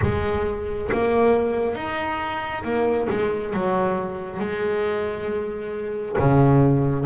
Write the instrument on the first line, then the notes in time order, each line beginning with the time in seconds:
double bass
0.02 G#3
0.91 A#3
1.75 D#4
2.64 A#3
3.09 G#3
3.53 F#3
4.39 G#3
6.18 C#3